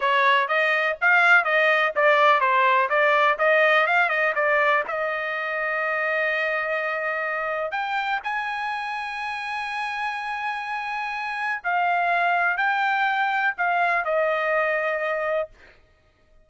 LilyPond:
\new Staff \with { instrumentName = "trumpet" } { \time 4/4 \tempo 4 = 124 cis''4 dis''4 f''4 dis''4 | d''4 c''4 d''4 dis''4 | f''8 dis''8 d''4 dis''2~ | dis''1 |
g''4 gis''2.~ | gis''1 | f''2 g''2 | f''4 dis''2. | }